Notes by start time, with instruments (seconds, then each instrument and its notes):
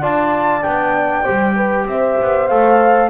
0.00 double bass D4, trombone F4, horn D5, flute A5
0.62 double bass B3, trombone D4, flute G5
1.23 double bass G3, trombone G4, horn C5
1.56 horn B4
1.85 double bass C4, horn C5, flute E5
2.21 double bass B3
2.47 double bass A3, trombone A4, flute F5